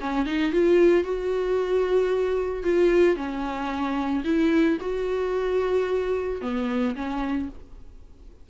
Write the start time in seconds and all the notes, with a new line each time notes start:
0.00 C#4
0.25 D#4
0.52 F4
1.03 F#4
2.63 F4
3.16 C#4
4.24 E4
4.80 F#4
6.41 B3
6.95 C#4